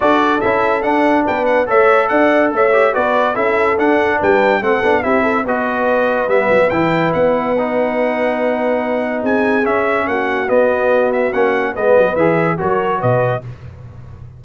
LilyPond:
<<
  \new Staff \with { instrumentName = "trumpet" } { \time 4/4 \tempo 4 = 143 d''4 e''4 fis''4 g''8 fis''8 | e''4 fis''4 e''4 d''4 | e''4 fis''4 g''4 fis''4 | e''4 dis''2 e''4 |
g''4 fis''2.~ | fis''2 gis''4 e''4 | fis''4 dis''4. e''8 fis''4 | dis''4 e''4 cis''4 dis''4 | }
  \new Staff \with { instrumentName = "horn" } { \time 4/4 a'2. b'4 | cis''4 d''4 cis''4 b'4 | a'2 b'4 a'4 | g'8 a'8 b'2.~ |
b'1~ | b'2 gis'2 | fis'1 | b'2 ais'4 b'4 | }
  \new Staff \with { instrumentName = "trombone" } { \time 4/4 fis'4 e'4 d'2 | a'2~ a'8 g'8 fis'4 | e'4 d'2 c'8 d'8 | e'4 fis'2 b4 |
e'2 dis'2~ | dis'2. cis'4~ | cis'4 b2 cis'4 | b4 gis'4 fis'2 | }
  \new Staff \with { instrumentName = "tuba" } { \time 4/4 d'4 cis'4 d'4 b4 | a4 d'4 a4 b4 | cis'4 d'4 g4 a8 b8 | c'4 b2 g8 fis8 |
e4 b2.~ | b2 c'4 cis'4 | ais4 b2 ais4 | gis8 fis8 e4 fis4 b,4 | }
>>